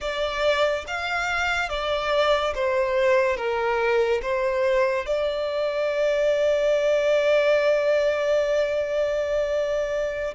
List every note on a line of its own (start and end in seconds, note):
0.00 0.85 D5
0.87 1.69 F5
1.69 2.54 D5
2.54 3.36 C5
3.36 4.21 A#4
4.21 5.06 C5
5.06 10.34 D5